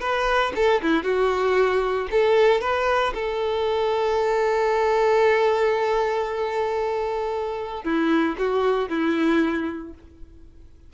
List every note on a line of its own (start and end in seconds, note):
0.00 0.52 B4
0.55 0.81 A4
0.81 1.03 E4
1.03 2.08 F#4
2.11 2.61 A4
2.61 3.13 B4
3.14 7.83 A4
7.83 8.35 E4
8.38 8.89 F#4
8.89 9.93 E4